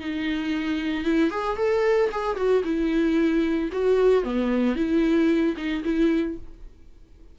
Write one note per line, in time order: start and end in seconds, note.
0.00 1.04 D#4
1.04 1.30 E4
1.30 1.57 G#4
1.57 2.10 A4
2.11 2.36 G#4
2.36 2.63 F#4
2.64 3.70 E4
3.72 4.24 F#4
4.24 4.76 B3
4.76 5.55 E4
5.57 5.83 D#4
5.84 6.37 E4